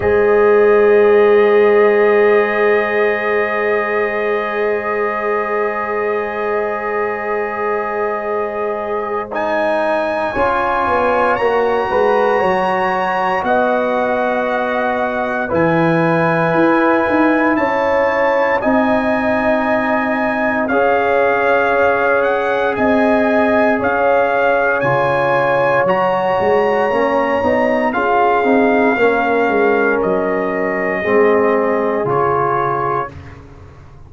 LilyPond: <<
  \new Staff \with { instrumentName = "trumpet" } { \time 4/4 \tempo 4 = 58 dis''1~ | dis''1~ | dis''4 gis''2 ais''4~ | ais''4 fis''2 gis''4~ |
gis''4 a''4 gis''2 | f''4. fis''8 gis''4 f''4 | gis''4 ais''2 f''4~ | f''4 dis''2 cis''4 | }
  \new Staff \with { instrumentName = "horn" } { \time 4/4 c''1~ | c''1~ | c''2 cis''4. b'8 | cis''4 dis''2 b'4~ |
b'4 cis''4 dis''2 | cis''2 dis''4 cis''4~ | cis''2. gis'4 | ais'2 gis'2 | }
  \new Staff \with { instrumentName = "trombone" } { \time 4/4 gis'1~ | gis'1~ | gis'4 dis'4 f'4 fis'4~ | fis'2. e'4~ |
e'2 dis'2 | gis'1 | f'4 fis'4 cis'8 dis'8 f'8 dis'8 | cis'2 c'4 f'4 | }
  \new Staff \with { instrumentName = "tuba" } { \time 4/4 gis1~ | gis1~ | gis2 cis'8 b8 ais8 gis8 | fis4 b2 e4 |
e'8 dis'8 cis'4 c'2 | cis'2 c'4 cis'4 | cis4 fis8 gis8 ais8 b8 cis'8 c'8 | ais8 gis8 fis4 gis4 cis4 | }
>>